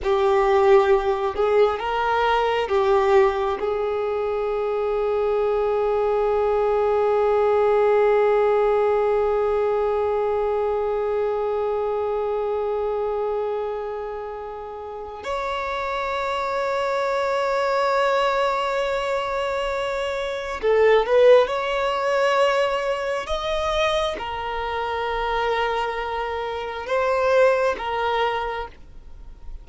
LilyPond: \new Staff \with { instrumentName = "violin" } { \time 4/4 \tempo 4 = 67 g'4. gis'8 ais'4 g'4 | gis'1~ | gis'1~ | gis'1~ |
gis'4 cis''2.~ | cis''2. a'8 b'8 | cis''2 dis''4 ais'4~ | ais'2 c''4 ais'4 | }